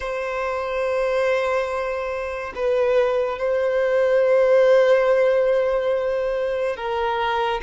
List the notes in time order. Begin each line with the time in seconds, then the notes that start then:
0.00 C5
2.55 B4
3.38 C5
6.76 A#4